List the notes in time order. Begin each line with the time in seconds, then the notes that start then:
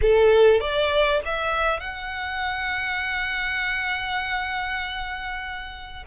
0.01 A4
0.60 D5
1.25 E5
1.79 F#5